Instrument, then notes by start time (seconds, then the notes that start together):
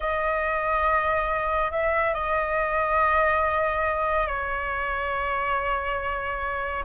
flute
0.00 D#5
1.71 E5
2.14 D#5
4.27 C#5